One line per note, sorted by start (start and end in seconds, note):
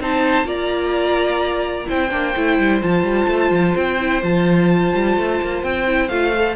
0.00 0.44 C4
0.00 0.44 D#4
0.00 0.47 C5
0.00 0.49 A5
0.44 1.85 A#3
0.44 1.85 F4
0.44 1.87 D5
0.44 1.89 A#5
1.86 2.11 C4
1.86 2.09 E4
1.86 6.55 C5
1.86 2.82 G5
2.11 2.35 A#3
2.11 2.34 D4
2.36 2.58 A3
2.36 2.81 E4
2.58 2.82 G3
2.81 3.03 F3
2.81 3.99 F4
2.81 3.76 A5
3.03 3.26 G3
3.28 3.51 A3
3.51 3.74 F3
3.76 4.23 C4
3.76 4.23 G5
4.00 4.22 E4
4.22 4.93 F3
4.22 5.86 F4
4.22 5.63 A5
4.94 5.17 G3
5.17 5.41 A3
5.42 5.63 A#3
5.63 6.09 C4
5.63 6.08 G5
5.86 6.10 E4
6.08 6.55 A3
6.08 6.34 F4
6.08 6.55 F5
6.36 6.55 A4